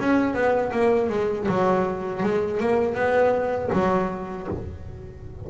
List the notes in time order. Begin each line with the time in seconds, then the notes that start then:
0.00 C#4
0.34 B3
0.72 A#3
1.10 G#3
1.48 F#3
2.23 G#3
2.60 A#3
2.95 B3
3.73 F#3